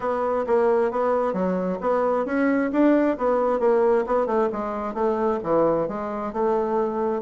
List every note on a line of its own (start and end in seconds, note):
0.00 0.45 B3
0.46 0.91 A#3
0.91 1.33 B3
1.33 1.78 F#3
1.80 2.25 B3
2.25 2.70 C#4
2.72 3.17 D4
3.17 3.59 B3
3.59 4.04 A#3
4.06 4.26 B3
4.26 4.49 A3
4.52 4.94 G#3
4.94 5.39 A3
5.43 5.88 E3
5.88 6.33 G#3
6.33 7.22 A3